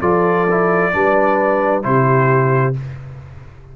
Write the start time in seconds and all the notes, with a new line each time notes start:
0.00 F3 F4 A4 D5
0.50 E4
0.93 G3 D4 B4
1.83 C3 E4 G4 C5